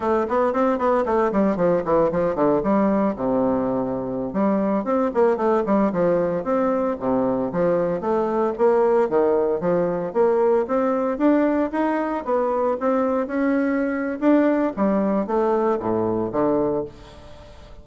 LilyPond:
\new Staff \with { instrumentName = "bassoon" } { \time 4/4 \tempo 4 = 114 a8 b8 c'8 b8 a8 g8 f8 e8 | f8 d8 g4 c2~ | c16 g4 c'8 ais8 a8 g8 f8.~ | f16 c'4 c4 f4 a8.~ |
a16 ais4 dis4 f4 ais8.~ | ais16 c'4 d'4 dis'4 b8.~ | b16 c'4 cis'4.~ cis'16 d'4 | g4 a4 a,4 d4 | }